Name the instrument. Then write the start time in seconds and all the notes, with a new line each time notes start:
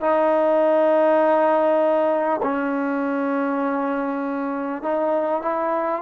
trombone
0.00 D#4
2.42 C#4
4.82 D#4
5.42 E4